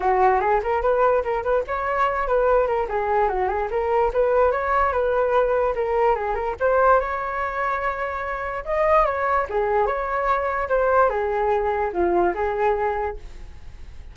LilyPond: \new Staff \with { instrumentName = "flute" } { \time 4/4 \tempo 4 = 146 fis'4 gis'8 ais'8 b'4 ais'8 b'8 | cis''4. b'4 ais'8 gis'4 | fis'8 gis'8 ais'4 b'4 cis''4 | b'2 ais'4 gis'8 ais'8 |
c''4 cis''2.~ | cis''4 dis''4 cis''4 gis'4 | cis''2 c''4 gis'4~ | gis'4 f'4 gis'2 | }